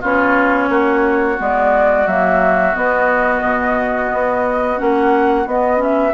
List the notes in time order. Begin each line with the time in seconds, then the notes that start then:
0.00 B3 C#4 F4 C#5
0.69 A#3 F#4
1.37 G#3 B3 D5
2.06 F#3 A#3 E5
2.73 B3 D#5
3.41 B2
4.12 B3
4.76 A#3 C#4 F#5
5.46 B3 D#5
5.76 C#4 E5